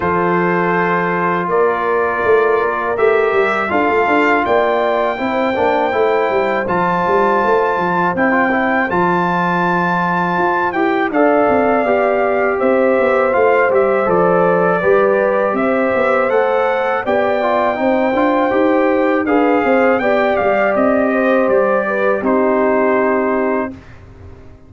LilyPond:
<<
  \new Staff \with { instrumentName = "trumpet" } { \time 4/4 \tempo 4 = 81 c''2 d''2 | e''4 f''4 g''2~ | g''4 a''2 g''4 | a''2~ a''8 g''8 f''4~ |
f''4 e''4 f''8 e''8 d''4~ | d''4 e''4 fis''4 g''4~ | g''2 f''4 g''8 f''8 | dis''4 d''4 c''2 | }
  \new Staff \with { instrumentName = "horn" } { \time 4/4 a'2 ais'2~ | ais'4 a'4 d''4 c''4~ | c''1~ | c''2. d''4~ |
d''4 c''2. | b'4 c''2 d''4 | c''2 b'8 c''8 d''4~ | d''8 c''4 b'8 g'2 | }
  \new Staff \with { instrumentName = "trombone" } { \time 4/4 f'1 | g'4 f'2 e'8 d'8 | e'4 f'2 e'16 f'16 e'8 | f'2~ f'8 g'8 a'4 |
g'2 f'8 g'8 a'4 | g'2 a'4 g'8 f'8 | dis'8 f'8 g'4 gis'4 g'4~ | g'2 dis'2 | }
  \new Staff \with { instrumentName = "tuba" } { \time 4/4 f2 ais4 a8 ais8 | a8 g8 d'16 a16 d'8 ais4 c'8 ais8 | a8 g8 f8 g8 a8 f8 c'4 | f2 f'8 e'8 d'8 c'8 |
b4 c'8 b8 a8 g8 f4 | g4 c'8 b8 a4 b4 | c'8 d'8 dis'4 d'8 c'8 b8 g8 | c'4 g4 c'2 | }
>>